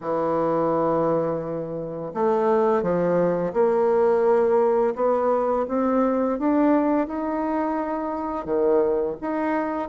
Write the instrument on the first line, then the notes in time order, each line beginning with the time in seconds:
bassoon
0.01 E3
2.14 A3
2.82 F3
3.53 A#3
4.95 B3
5.68 C4
6.38 D4
7.07 D#4
8.45 D#3
9.21 D#4